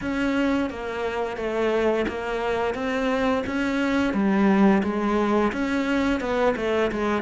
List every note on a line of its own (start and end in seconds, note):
0.01 0.70 C#4
0.70 1.36 A#3
1.36 2.05 A3
2.08 2.74 A#3
2.74 3.43 C4
3.46 4.13 C#4
4.13 4.82 G3
4.83 5.52 G#3
5.52 6.20 C#4
6.20 6.55 B3
6.56 6.91 A3
6.91 7.22 G#3